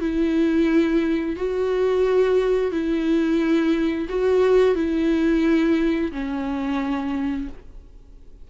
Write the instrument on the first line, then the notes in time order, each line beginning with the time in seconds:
viola
0.00 E4
1.36 F#4
2.71 E4
4.09 F#4
4.75 E4
6.11 C#4